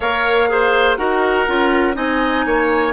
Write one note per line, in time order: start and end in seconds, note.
0.00 0.98 A#3
0.00 0.48 A#4
0.00 0.49 C#5
0.00 0.96 F5
0.48 0.97 G#4
0.48 0.98 C5
0.96 1.47 D#4
0.96 1.46 F#4
0.96 1.95 A#4
0.96 1.94 F#5
1.46 1.96 C#4
1.46 1.93 F4
1.93 2.45 C4
1.93 2.92 D#4
1.93 2.45 D#5
1.93 2.93 G#5
2.45 2.93 A#3
2.45 2.93 C#5